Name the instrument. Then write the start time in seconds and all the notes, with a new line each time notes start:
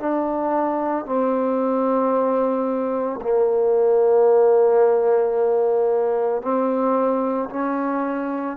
trombone
0.00 D4
1.06 C4
3.22 A#3
6.42 C4
7.50 C#4